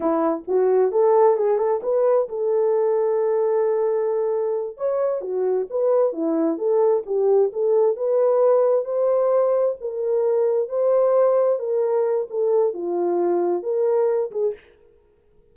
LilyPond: \new Staff \with { instrumentName = "horn" } { \time 4/4 \tempo 4 = 132 e'4 fis'4 a'4 gis'8 a'8 | b'4 a'2.~ | a'2~ a'8 cis''4 fis'8~ | fis'8 b'4 e'4 a'4 g'8~ |
g'8 a'4 b'2 c''8~ | c''4. ais'2 c''8~ | c''4. ais'4. a'4 | f'2 ais'4. gis'8 | }